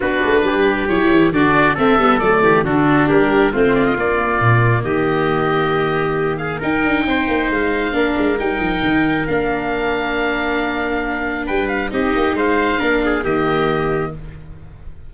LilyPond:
<<
  \new Staff \with { instrumentName = "oboe" } { \time 4/4 \tempo 4 = 136 b'2 cis''4 d''4 | e''4 d''4 a'4 ais'4 | c''8 d''16 dis''16 d''2 dis''4~ | dis''2~ dis''8 f''8 g''4~ |
g''4 f''2 g''4~ | g''4 f''2.~ | f''2 g''8 f''8 dis''4 | f''2 dis''2 | }
  \new Staff \with { instrumentName = "trumpet" } { \time 4/4 fis'4 g'2 fis'4 | a'4. g'8 fis'4 g'4 | f'2. g'4~ | g'2~ g'8 gis'8 ais'4 |
c''2 ais'2~ | ais'1~ | ais'2 b'4 g'4 | c''4 ais'8 gis'8 g'2 | }
  \new Staff \with { instrumentName = "viola" } { \time 4/4 d'2 e'4 d'4 | c'8 b8 a4 d'2 | c'4 ais2.~ | ais2. dis'4~ |
dis'2 d'4 dis'4~ | dis'4 d'2.~ | d'2. dis'4~ | dis'4 d'4 ais2 | }
  \new Staff \with { instrumentName = "tuba" } { \time 4/4 b8 a8 g4 fis8 e8 d4 | a8 g8 fis8 e8 d4 g4 | a4 ais4 ais,4 dis4~ | dis2. dis'8 d'8 |
c'8 ais8 gis4 ais8 gis8 g8 f8 | dis4 ais2.~ | ais2 g4 c'8 ais8 | gis4 ais4 dis2 | }
>>